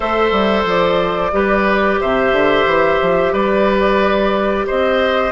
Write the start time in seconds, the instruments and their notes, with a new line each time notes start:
0.00 bassoon A3, clarinet A4, oboe C5, flute E5
0.31 bassoon G3
0.64 bassoon F3, flute D5
1.32 bassoon G3, clarinet G4, oboe B4
2.00 bassoon C3, oboe C5, flute E5
2.32 bassoon D3
2.66 bassoon E3
3.01 bassoon F3
3.32 bassoon G3, oboe B4, flute D5
4.67 bassoon C4, oboe C5, flute D#5